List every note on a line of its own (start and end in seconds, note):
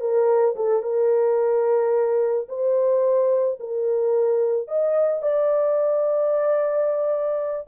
0.00 0.55 A#4
0.56 0.83 A4
0.83 2.48 A#4
2.49 3.59 C5
3.60 4.68 A#4
4.68 5.22 D#5
5.22 7.68 D5